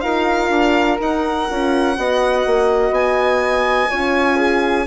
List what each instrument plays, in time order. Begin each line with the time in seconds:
0.00 bassoon D#4, horn F4, flute A#4, violin F5
0.49 bassoon D4
1.00 horn D#4, bassoon D#4, violin F#5
1.49 bassoon C#4, horn F4
1.96 bassoon B3, horn F#4, flute D#5
2.46 bassoon A#3
2.90 bassoon B3, violin G#5
3.90 bassoon C#4, horn F4, flute C#5
4.36 flute G#4